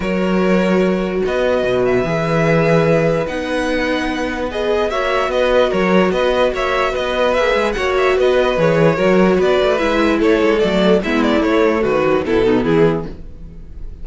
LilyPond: <<
  \new Staff \with { instrumentName = "violin" } { \time 4/4 \tempo 4 = 147 cis''2. dis''4~ | dis''8 e''2.~ e''8 | fis''2. dis''4 | e''4 dis''4 cis''4 dis''4 |
e''4 dis''4 e''4 fis''8 e''8 | dis''4 cis''2 d''4 | e''4 cis''4 d''4 e''8 d''8 | cis''4 b'4 a'4 gis'4 | }
  \new Staff \with { instrumentName = "violin" } { \time 4/4 ais'2. b'4~ | b'1~ | b'1 | cis''4 b'4 ais'4 b'4 |
cis''4 b'2 cis''4 | b'2 ais'4 b'4~ | b'4 a'2 e'4~ | e'4 fis'4 e'8 dis'8 e'4 | }
  \new Staff \with { instrumentName = "viola" } { \time 4/4 fis'1~ | fis'4 gis'2. | dis'2. gis'4 | fis'1~ |
fis'2 gis'4 fis'4~ | fis'4 gis'4 fis'2 | e'2 a4 b4 | a4. fis8 b2 | }
  \new Staff \with { instrumentName = "cello" } { \time 4/4 fis2. b4 | b,4 e2. | b1 | ais4 b4 fis4 b4 |
ais4 b4 ais8 gis8 ais4 | b4 e4 fis4 b8 a8 | gis4 a8 gis8 fis4 gis4 | a4 dis4 b,4 e4 | }
>>